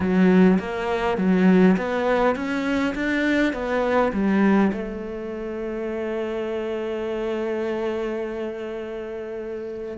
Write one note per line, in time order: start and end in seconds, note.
0.00 0.58 F#3
0.59 1.17 A#3
1.17 1.76 F#3
1.77 2.35 B3
2.35 2.94 C#4
2.94 3.53 D4
3.53 4.12 B3
4.12 4.71 G3
4.72 9.97 A3